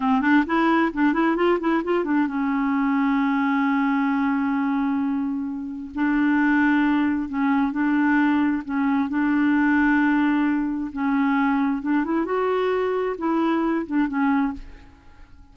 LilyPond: \new Staff \with { instrumentName = "clarinet" } { \time 4/4 \tempo 4 = 132 c'8 d'8 e'4 d'8 e'8 f'8 e'8 | f'8 d'8 cis'2.~ | cis'1~ | cis'4 d'2. |
cis'4 d'2 cis'4 | d'1 | cis'2 d'8 e'8 fis'4~ | fis'4 e'4. d'8 cis'4 | }